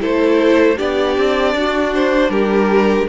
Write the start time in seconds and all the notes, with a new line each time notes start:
0.00 A3 E4 A4 C5
0.77 B3 D4 G4 D5
1.18 C4
1.55 D4 F#4
1.95 C5
2.30 G3 G4 A#4